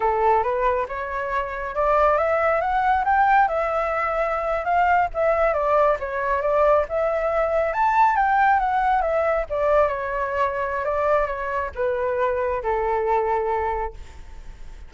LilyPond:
\new Staff \with { instrumentName = "flute" } { \time 4/4 \tempo 4 = 138 a'4 b'4 cis''2 | d''4 e''4 fis''4 g''4 | e''2~ e''8. f''4 e''16~ | e''8. d''4 cis''4 d''4 e''16~ |
e''4.~ e''16 a''4 g''4 fis''16~ | fis''8. e''4 d''4 cis''4~ cis''16~ | cis''4 d''4 cis''4 b'4~ | b'4 a'2. | }